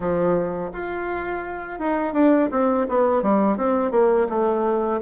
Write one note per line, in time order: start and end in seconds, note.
0.00 0.70 F3
0.72 1.79 F4
1.79 2.13 D#4
2.13 2.49 D4
2.51 2.86 C4
2.89 3.22 B3
3.22 3.57 G3
3.57 3.91 C4
3.91 4.27 A#3
4.29 5.00 A3